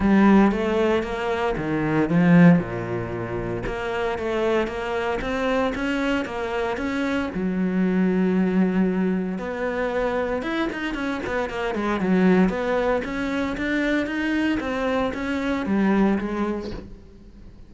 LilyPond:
\new Staff \with { instrumentName = "cello" } { \time 4/4 \tempo 4 = 115 g4 a4 ais4 dis4 | f4 ais,2 ais4 | a4 ais4 c'4 cis'4 | ais4 cis'4 fis2~ |
fis2 b2 | e'8 dis'8 cis'8 b8 ais8 gis8 fis4 | b4 cis'4 d'4 dis'4 | c'4 cis'4 g4 gis4 | }